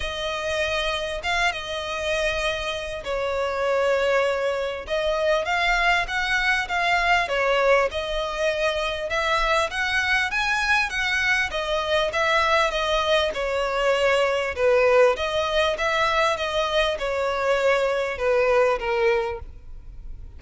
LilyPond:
\new Staff \with { instrumentName = "violin" } { \time 4/4 \tempo 4 = 99 dis''2 f''8 dis''4.~ | dis''4 cis''2. | dis''4 f''4 fis''4 f''4 | cis''4 dis''2 e''4 |
fis''4 gis''4 fis''4 dis''4 | e''4 dis''4 cis''2 | b'4 dis''4 e''4 dis''4 | cis''2 b'4 ais'4 | }